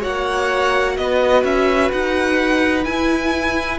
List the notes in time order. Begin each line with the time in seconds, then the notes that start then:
0.00 A#3 F#4 C#5 F#5
0.97 B3 B4 D#5
1.44 C#4 E5
1.92 D#4 F#5
2.84 E4 G#5